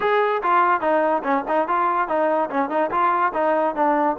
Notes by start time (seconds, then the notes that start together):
0.00 G#4
0.42 F4
0.80 D#4
1.23 C#4
1.48 D#4
1.68 F4
2.08 D#4
2.50 C#4
2.69 D#4
2.90 F4
3.33 D#4
3.75 D4